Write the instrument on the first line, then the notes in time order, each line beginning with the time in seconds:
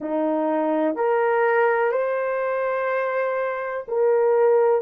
horn
0.00 D#4
0.95 A#4
1.91 C5
3.88 A#4